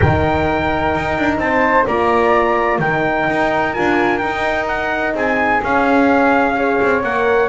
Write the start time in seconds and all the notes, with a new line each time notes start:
0.00 D#3 D#4 A#4 G5
0.95 D#4
1.18 D4
1.38 C4 C5 A5
1.86 A#3 F4 D5 A#5
2.78 D#3 D#4 A#4 G5
3.30 D#4
3.73 D4 F4 G#5
4.17 D#4 G5
4.24 D#4
4.67 F#5
5.14 C4 G#4 G#5
5.63 C#4 F5
6.54 G#4 C#5
6.81 C4
7.02 A#3 A#4 F#5